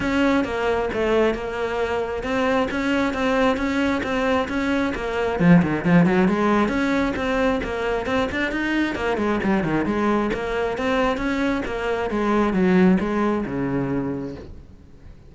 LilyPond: \new Staff \with { instrumentName = "cello" } { \time 4/4 \tempo 4 = 134 cis'4 ais4 a4 ais4~ | ais4 c'4 cis'4 c'4 | cis'4 c'4 cis'4 ais4 | f8 dis8 f8 fis8 gis4 cis'4 |
c'4 ais4 c'8 d'8 dis'4 | ais8 gis8 g8 dis8 gis4 ais4 | c'4 cis'4 ais4 gis4 | fis4 gis4 cis2 | }